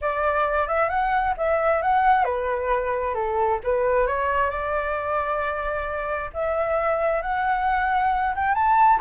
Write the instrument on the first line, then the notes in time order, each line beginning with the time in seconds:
flute
0.01 D5
0.68 E5
0.89 F#5
1.37 E5
1.82 F#5
2.24 B4
3.14 A4
3.63 B4
4.06 C#5
4.50 D5
6.33 E5
7.22 F#5
8.35 G5
8.54 A5